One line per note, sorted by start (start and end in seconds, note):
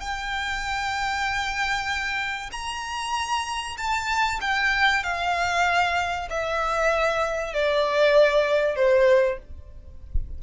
0.00 2.50 G5
2.52 3.77 A#5
3.77 4.40 A5
4.41 5.03 G5
5.03 6.28 F5
6.30 7.53 E5
7.53 8.76 D5
8.76 9.38 C5